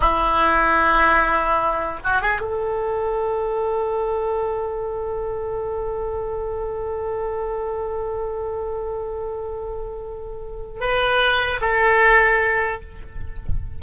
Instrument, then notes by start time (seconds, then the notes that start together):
oboe
0.00 E4
2.03 F#4
2.21 G#4
2.40 A4
10.80 B4
11.61 A4